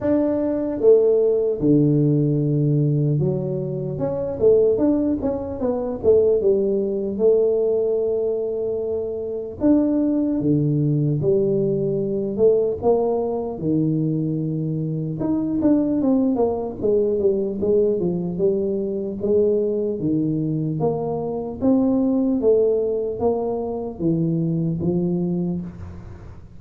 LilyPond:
\new Staff \with { instrumentName = "tuba" } { \time 4/4 \tempo 4 = 75 d'4 a4 d2 | fis4 cis'8 a8 d'8 cis'8 b8 a8 | g4 a2. | d'4 d4 g4. a8 |
ais4 dis2 dis'8 d'8 | c'8 ais8 gis8 g8 gis8 f8 g4 | gis4 dis4 ais4 c'4 | a4 ais4 e4 f4 | }